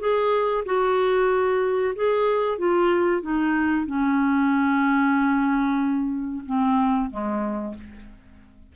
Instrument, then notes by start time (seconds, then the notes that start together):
clarinet
0.00 G#4
0.66 F#4
1.96 G#4
2.58 F4
3.22 D#4
3.87 C#4
6.46 C4
7.11 G#3